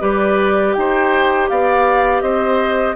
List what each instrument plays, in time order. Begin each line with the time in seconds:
0.00 bassoon G3, clarinet G4, oboe B4, flute D5
0.74 bassoon D#4, oboe C5, flute G5
1.49 bassoon B3, oboe D5, flute F5
2.21 bassoon C4, oboe C5, flute D#5